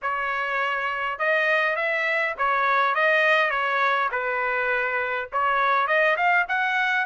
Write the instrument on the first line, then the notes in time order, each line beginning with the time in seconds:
trumpet
0.02 C#5
1.18 D#5
1.75 E5
2.38 C#5
2.94 D#5
3.50 C#5
4.11 B4
5.32 C#5
5.87 D#5
6.16 F5
6.48 F#5